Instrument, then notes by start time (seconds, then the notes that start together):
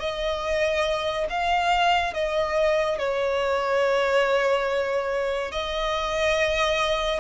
violin
0.00 D#5
1.30 F5
2.14 D#5
2.98 C#5
5.52 D#5